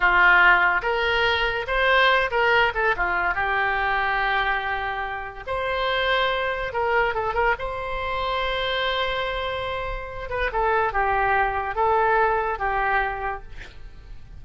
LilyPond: \new Staff \with { instrumentName = "oboe" } { \time 4/4 \tempo 4 = 143 f'2 ais'2 | c''4. ais'4 a'8 f'4 | g'1~ | g'4 c''2. |
ais'4 a'8 ais'8 c''2~ | c''1~ | c''8 b'8 a'4 g'2 | a'2 g'2 | }